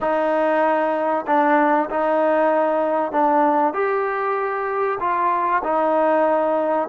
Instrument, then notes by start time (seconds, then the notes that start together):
trombone
0.00 D#4
1.26 D4
1.89 D#4
3.11 D4
3.73 G4
4.99 F4
5.63 D#4